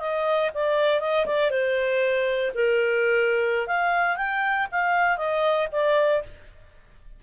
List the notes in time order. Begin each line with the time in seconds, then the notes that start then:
0.00 D#5
0.54 D5
1.00 D#5
1.26 D5
1.51 C5
2.54 A#4
3.67 F5
4.16 G5
4.71 F5
5.17 D#5
5.72 D5